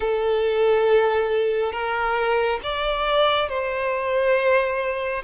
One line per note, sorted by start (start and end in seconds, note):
0.00 1.72 A4
1.72 2.59 A#4
2.63 3.48 D5
3.48 5.22 C5